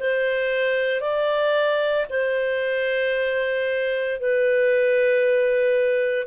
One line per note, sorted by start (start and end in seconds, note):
0.00 1.01 C5
1.01 2.06 D5
2.10 4.21 C5
4.21 6.27 B4